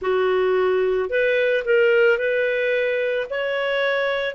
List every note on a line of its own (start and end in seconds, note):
0.01 1.09 F#4
1.09 1.64 B4
1.65 2.18 A#4
2.18 3.27 B4
3.30 4.35 C#5